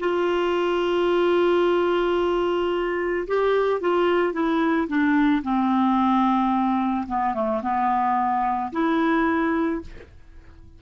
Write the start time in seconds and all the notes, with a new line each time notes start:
0.00 F4
3.28 G4
3.81 F4
4.33 E4
4.88 D4
5.43 C4
7.08 B3
7.35 A3
7.63 B3
8.73 E4